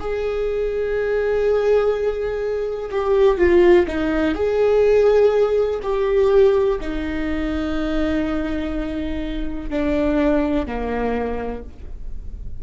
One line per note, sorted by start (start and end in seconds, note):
0.00 2.90 G#4
2.91 3.38 G4
3.38 3.86 F4
3.87 4.35 D#4
4.35 5.80 G#4
5.83 6.80 G4
6.80 9.70 D#4
9.70 10.66 D4
10.66 11.63 A#3